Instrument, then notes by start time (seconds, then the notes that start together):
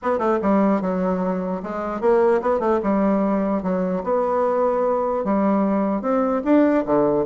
bassoon
0.02 B3
0.18 A3
0.42 G3
0.81 F#3
1.63 G#3
2.00 A#3
2.41 B3
2.59 A3
2.82 G3
3.62 F#3
4.03 B3
5.24 G3
6.01 C4
6.44 D4
6.85 D3